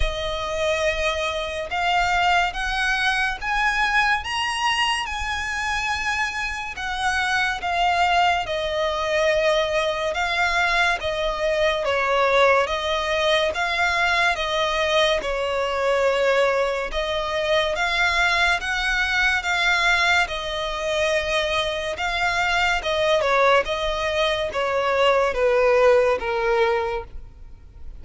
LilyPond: \new Staff \with { instrumentName = "violin" } { \time 4/4 \tempo 4 = 71 dis''2 f''4 fis''4 | gis''4 ais''4 gis''2 | fis''4 f''4 dis''2 | f''4 dis''4 cis''4 dis''4 |
f''4 dis''4 cis''2 | dis''4 f''4 fis''4 f''4 | dis''2 f''4 dis''8 cis''8 | dis''4 cis''4 b'4 ais'4 | }